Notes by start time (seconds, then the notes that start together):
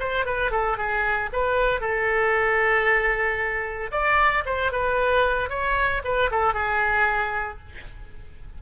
0.00 C5
0.25 B4
0.51 A4
0.78 G#4
1.33 B4
1.81 A4
3.91 D5
4.46 C5
4.72 B4
5.50 C#5
6.04 B4
6.31 A4
6.54 G#4